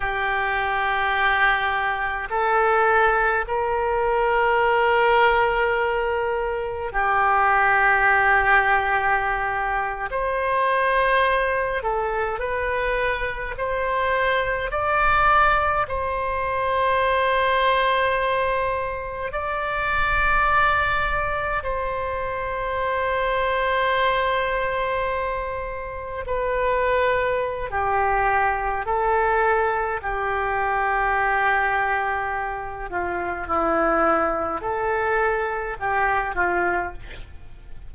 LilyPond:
\new Staff \with { instrumentName = "oboe" } { \time 4/4 \tempo 4 = 52 g'2 a'4 ais'4~ | ais'2 g'2~ | g'8. c''4. a'8 b'4 c''16~ | c''8. d''4 c''2~ c''16~ |
c''8. d''2 c''4~ c''16~ | c''2~ c''8. b'4~ b'16 | g'4 a'4 g'2~ | g'8 f'8 e'4 a'4 g'8 f'8 | }